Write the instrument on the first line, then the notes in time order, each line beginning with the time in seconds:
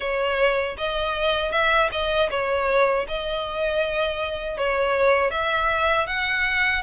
violin
0.00 C#5
0.77 D#5
1.51 E5
1.91 D#5
2.30 C#5
3.08 D#5
4.57 C#5
5.31 E5
6.06 F#5